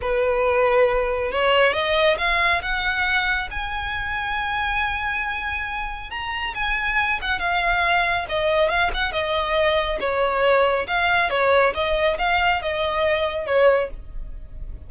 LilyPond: \new Staff \with { instrumentName = "violin" } { \time 4/4 \tempo 4 = 138 b'2. cis''4 | dis''4 f''4 fis''2 | gis''1~ | gis''2 ais''4 gis''4~ |
gis''8 fis''8 f''2 dis''4 | f''8 fis''8 dis''2 cis''4~ | cis''4 f''4 cis''4 dis''4 | f''4 dis''2 cis''4 | }